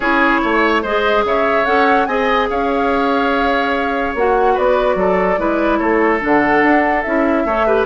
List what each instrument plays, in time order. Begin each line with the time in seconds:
0.00 bassoon C#4, clarinet E4, oboe G#4, flute C#5
0.42 bassoon A3, oboe C#5
0.82 bassoon G#3, clarinet G#4, oboe C5, flute D#5
1.24 bassoon C#3, oboe C#5, flute E5
1.65 bassoon C#4, clarinet A4, flute F#5
2.06 bassoon C4, clarinet G#4, oboe D#5, flute G#5
2.49 bassoon C#4, oboe C#5, flute F5
4.14 bassoon A#3, clarinet F#4, flute F#5
4.54 bassoon B3, oboe B4, flute D5
4.95 bassoon F#3, oboe A4
5.37 bassoon G#3, clarinet E4, oboe B4
5.78 bassoon A3, oboe A4, flute C#5
6.19 bassoon D3, clarinet D4
6.25 flute F#5
6.62 bassoon D4
7.02 bassoon C#4, clarinet E4, flute E5
7.45 bassoon A3, clarinet A4, oboe C#5
7.66 clarinet G4, oboe B4